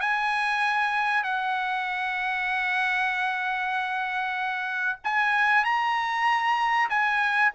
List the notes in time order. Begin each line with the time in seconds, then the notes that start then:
0.00 G#5
1.24 F#5
5.04 G#5
5.64 A#5
6.89 G#5